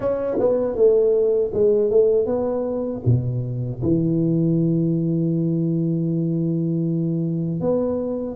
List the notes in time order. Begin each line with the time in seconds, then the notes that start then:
0.00 C#4
0.39 B3
0.75 A3
1.53 G#3
1.90 A3
2.26 B3
3.06 B2
3.82 E3
7.60 B3